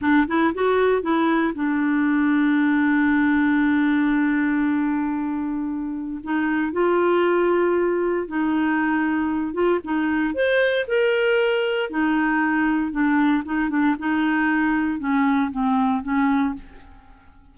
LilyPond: \new Staff \with { instrumentName = "clarinet" } { \time 4/4 \tempo 4 = 116 d'8 e'8 fis'4 e'4 d'4~ | d'1~ | d'1 | dis'4 f'2. |
dis'2~ dis'8 f'8 dis'4 | c''4 ais'2 dis'4~ | dis'4 d'4 dis'8 d'8 dis'4~ | dis'4 cis'4 c'4 cis'4 | }